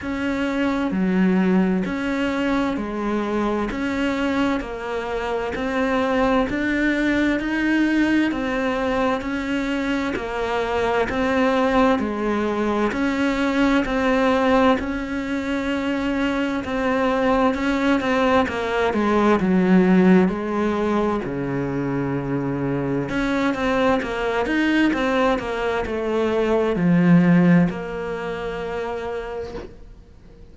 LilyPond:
\new Staff \with { instrumentName = "cello" } { \time 4/4 \tempo 4 = 65 cis'4 fis4 cis'4 gis4 | cis'4 ais4 c'4 d'4 | dis'4 c'4 cis'4 ais4 | c'4 gis4 cis'4 c'4 |
cis'2 c'4 cis'8 c'8 | ais8 gis8 fis4 gis4 cis4~ | cis4 cis'8 c'8 ais8 dis'8 c'8 ais8 | a4 f4 ais2 | }